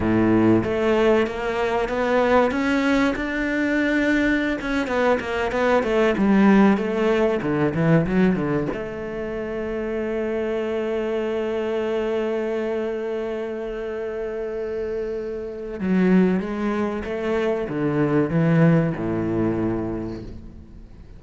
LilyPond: \new Staff \with { instrumentName = "cello" } { \time 4/4 \tempo 4 = 95 a,4 a4 ais4 b4 | cis'4 d'2~ d'16 cis'8 b16~ | b16 ais8 b8 a8 g4 a4 d16~ | d16 e8 fis8 d8 a2~ a16~ |
a1~ | a1~ | a4 fis4 gis4 a4 | d4 e4 a,2 | }